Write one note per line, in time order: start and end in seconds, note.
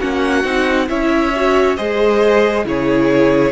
0.00 0.44 A#3
0.00 0.44 C#4
0.00 0.88 F#4
0.00 0.89 F#5
0.44 0.89 C4
0.44 0.88 D#4
0.89 1.78 C#4
0.89 1.33 E4
0.89 1.77 C#5
0.89 1.76 E5
1.36 1.77 F#4
1.76 2.65 G#3
1.76 2.65 G#4
1.76 2.65 C5
1.76 2.64 D#5
2.65 3.52 C#3
2.65 3.52 E4
2.65 3.52 G#4
2.65 3.52 C#5